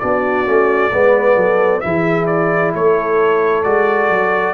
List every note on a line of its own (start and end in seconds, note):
0.00 0.47 B3
0.00 0.45 D4
0.00 0.92 F#4
0.00 1.81 D5
0.45 0.93 A3
0.45 0.91 C#4
0.92 1.36 G#3
0.92 1.83 B3
0.92 1.37 B4
1.36 1.82 F#3
1.36 1.83 A4
1.81 2.74 E3
1.81 3.64 E4
1.81 2.75 G#4
1.81 2.26 E5
2.27 2.72 D5
2.74 3.65 A3
2.74 4.54 A4
2.74 3.63 C#5
3.63 4.09 G#3
3.63 4.54 F#4
3.63 4.54 D5
4.09 4.54 F#3